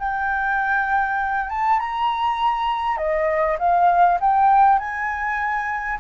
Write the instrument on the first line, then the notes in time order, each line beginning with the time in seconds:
flute
0.00 G5
1.50 A5
1.80 A#5
2.98 D#5
3.59 F5
4.21 G5
4.79 G#5